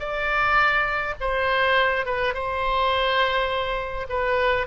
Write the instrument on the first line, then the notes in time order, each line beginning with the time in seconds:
oboe
0.00 D5
1.21 C5
2.06 B4
2.34 C5
4.10 B4